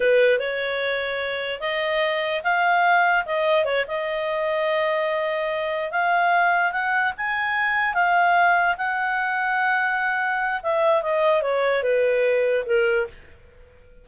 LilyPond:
\new Staff \with { instrumentName = "clarinet" } { \time 4/4 \tempo 4 = 147 b'4 cis''2. | dis''2 f''2 | dis''4 cis''8 dis''2~ dis''8~ | dis''2~ dis''8 f''4.~ |
f''8 fis''4 gis''2 f''8~ | f''4. fis''2~ fis''8~ | fis''2 e''4 dis''4 | cis''4 b'2 ais'4 | }